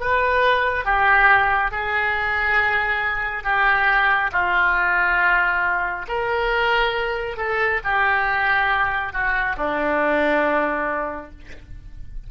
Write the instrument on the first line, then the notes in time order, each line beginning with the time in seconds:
oboe
0.00 B4
0.85 G4
1.71 G#4
3.43 G4
4.32 F4
6.08 A#4
7.37 A4
7.84 G4
9.13 F#4
9.57 D4